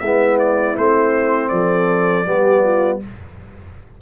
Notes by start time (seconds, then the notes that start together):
0.00 G#3 B3 E4 E5
0.39 D5
0.78 A3 C4 C5
1.49 F3 A4 D5
2.25 G3 B3 G4
2.64 F4